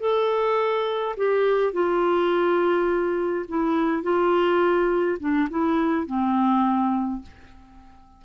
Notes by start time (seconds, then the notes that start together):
0.00 A4
1.17 G4
1.73 F4
3.49 E4
4.03 F4
5.19 D4
5.50 E4
6.06 C4